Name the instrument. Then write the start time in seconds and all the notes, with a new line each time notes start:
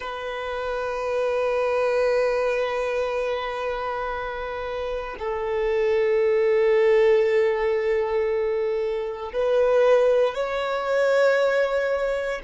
violin
0.00 B4
5.18 A4
9.32 B4
10.34 C#5